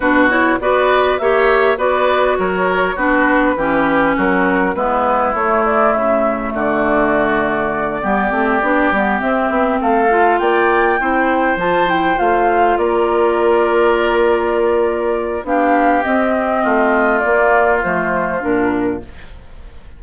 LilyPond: <<
  \new Staff \with { instrumentName = "flute" } { \time 4/4 \tempo 4 = 101 b'8 cis''8 d''4 e''4 d''4 | cis''4 b'2 ais'4 | b'4 cis''8 d''8 e''4 d''4~ | d''2.~ d''8 e''8~ |
e''8 f''4 g''2 a''8 | g''8 f''4 d''2~ d''8~ | d''2 f''4 dis''4~ | dis''4 d''4 c''4 ais'4 | }
  \new Staff \with { instrumentName = "oboe" } { \time 4/4 fis'4 b'4 cis''4 b'4 | ais'4 fis'4 g'4 fis'4 | e'2. fis'4~ | fis'4. g'2~ g'8~ |
g'8 a'4 d''4 c''4.~ | c''4. ais'2~ ais'8~ | ais'2 g'2 | f'1 | }
  \new Staff \with { instrumentName = "clarinet" } { \time 4/4 d'8 e'8 fis'4 g'4 fis'4~ | fis'4 d'4 cis'2 | b4 a2.~ | a4. b8 c'8 d'8 b8 c'8~ |
c'4 f'4. e'4 f'8 | e'8 f'2.~ f'8~ | f'2 d'4 c'4~ | c'4 ais4 a4 d'4 | }
  \new Staff \with { instrumentName = "bassoon" } { \time 4/4 b,4 b4 ais4 b4 | fis4 b4 e4 fis4 | gis4 a4 cis4 d4~ | d4. g8 a8 b8 g8 c'8 |
b8 a4 ais4 c'4 f8~ | f8 a4 ais2~ ais8~ | ais2 b4 c'4 | a4 ais4 f4 ais,4 | }
>>